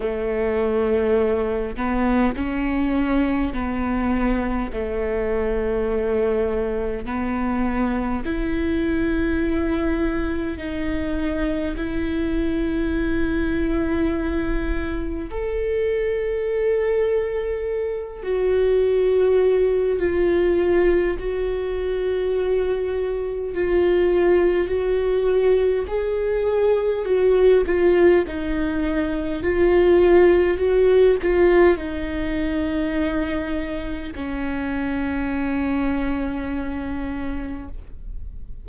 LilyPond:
\new Staff \with { instrumentName = "viola" } { \time 4/4 \tempo 4 = 51 a4. b8 cis'4 b4 | a2 b4 e'4~ | e'4 dis'4 e'2~ | e'4 a'2~ a'8 fis'8~ |
fis'4 f'4 fis'2 | f'4 fis'4 gis'4 fis'8 f'8 | dis'4 f'4 fis'8 f'8 dis'4~ | dis'4 cis'2. | }